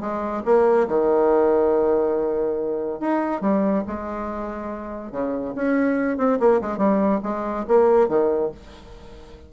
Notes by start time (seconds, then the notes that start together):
0.00 G#3
0.45 A#3
0.88 D#3
3.00 D#4
3.41 G3
3.87 G#3
5.11 C#3
5.55 C#4
6.17 C4
6.39 A#3
6.61 G#3
6.77 G3
7.23 G#3
7.68 A#3
8.08 D#3